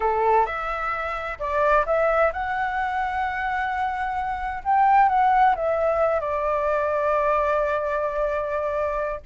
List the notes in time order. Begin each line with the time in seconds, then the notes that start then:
0.00 A4
0.46 E5
1.39 D5
1.85 E5
2.32 F#5
4.64 G5
5.09 F#5
5.55 E5
6.20 D5